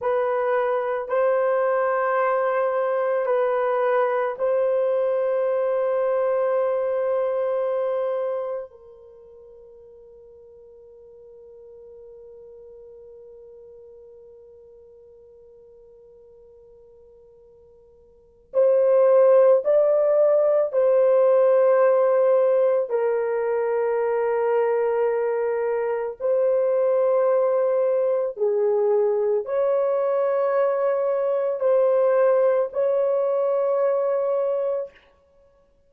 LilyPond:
\new Staff \with { instrumentName = "horn" } { \time 4/4 \tempo 4 = 55 b'4 c''2 b'4 | c''1 | ais'1~ | ais'1~ |
ais'4 c''4 d''4 c''4~ | c''4 ais'2. | c''2 gis'4 cis''4~ | cis''4 c''4 cis''2 | }